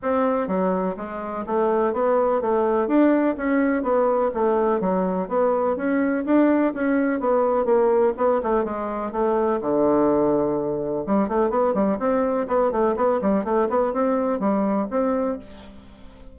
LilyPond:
\new Staff \with { instrumentName = "bassoon" } { \time 4/4 \tempo 4 = 125 c'4 fis4 gis4 a4 | b4 a4 d'4 cis'4 | b4 a4 fis4 b4 | cis'4 d'4 cis'4 b4 |
ais4 b8 a8 gis4 a4 | d2. g8 a8 | b8 g8 c'4 b8 a8 b8 g8 | a8 b8 c'4 g4 c'4 | }